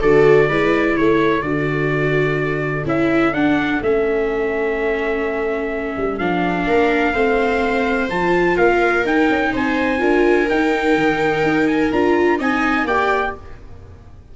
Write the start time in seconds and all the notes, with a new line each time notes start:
0.00 D3 F#4 A4 D5
0.48 G#3 E4 B4
0.96 A3 A4 C#5
1.41 D3 F#4 D5
2.85 C#4 E4 E5
3.32 D4 F#5
3.81 A3 C#4 E5
5.97 G3
6.18 F3 D4 F5
6.66 A#3 A#4
7.13 A3 C4 C5
8.09 F3 F4 A5
8.56 A#3 A#4 F5
9.04 D#4 G5
9.29 C#4
9.52 C4 C5 G#5
9.98 D4 F4 A#4
10.49 D#4 G5
10.95 D#3
11.42 D#4
11.67 G#5
11.91 D4 F4 A#5
12.38 C4 D#4 D#5 G#5
12.84 A#3 G4 D5 G5